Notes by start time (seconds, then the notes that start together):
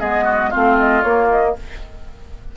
0.00 G#3 B3 G#4 D#5
0.24 F#4
0.51 A3 C4 F4 F5
0.79 D#5
1.02 A#3 C#5
1.30 D#5